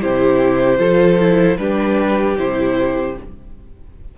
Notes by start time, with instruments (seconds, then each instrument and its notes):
0.00 cello C3, viola E4, violin G4 C5
0.78 cello F3, viola F4, violin A4
1.19 viola E4
1.57 cello G3, viola D4, violin G4 B4
2.37 cello C3, viola E4, violin C5